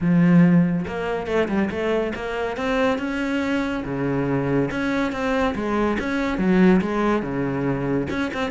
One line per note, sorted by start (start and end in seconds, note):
0.00 0.85 F3
0.87 1.26 A#3
1.26 1.48 A3
1.48 1.69 G3
1.70 2.12 A3
2.15 2.56 A#3
2.56 2.98 C4
2.98 3.83 C#4
3.84 4.69 C#3
4.70 5.11 C#4
5.11 5.54 C4
5.55 5.97 G#3
5.99 6.38 C#4
6.38 6.80 F#3
6.81 7.22 G#3
7.22 8.07 C#3
8.09 8.31 C#4
8.33 8.50 C4